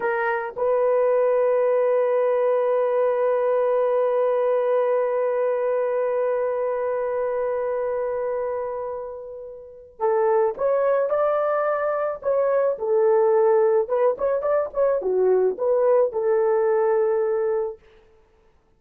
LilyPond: \new Staff \with { instrumentName = "horn" } { \time 4/4 \tempo 4 = 108 ais'4 b'2.~ | b'1~ | b'1~ | b'1~ |
b'2 a'4 cis''4 | d''2 cis''4 a'4~ | a'4 b'8 cis''8 d''8 cis''8 fis'4 | b'4 a'2. | }